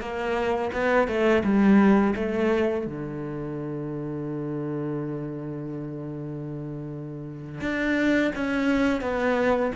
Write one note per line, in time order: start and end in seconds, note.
0.00 0.71 A#3
0.73 1.07 B3
1.07 1.43 A3
1.43 2.14 G3
2.15 2.86 A3
2.86 7.61 D3
7.61 8.31 D4
8.35 9.01 C#4
9.01 9.71 B3